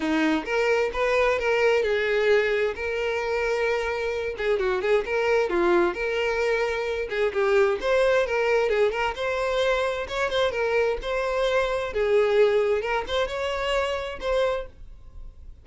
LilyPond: \new Staff \with { instrumentName = "violin" } { \time 4/4 \tempo 4 = 131 dis'4 ais'4 b'4 ais'4 | gis'2 ais'2~ | ais'4. gis'8 fis'8 gis'8 ais'4 | f'4 ais'2~ ais'8 gis'8 |
g'4 c''4 ais'4 gis'8 ais'8 | c''2 cis''8 c''8 ais'4 | c''2 gis'2 | ais'8 c''8 cis''2 c''4 | }